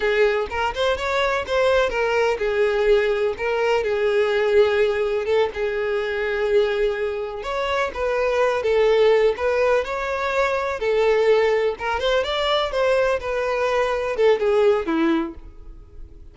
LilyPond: \new Staff \with { instrumentName = "violin" } { \time 4/4 \tempo 4 = 125 gis'4 ais'8 c''8 cis''4 c''4 | ais'4 gis'2 ais'4 | gis'2. a'8 gis'8~ | gis'2.~ gis'8 cis''8~ |
cis''8 b'4. a'4. b'8~ | b'8 cis''2 a'4.~ | a'8 ais'8 c''8 d''4 c''4 b'8~ | b'4. a'8 gis'4 e'4 | }